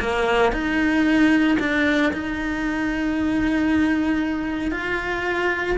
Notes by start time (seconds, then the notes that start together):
0.00 A#3
0.52 D#4
1.60 D4
2.13 D#4
4.72 F4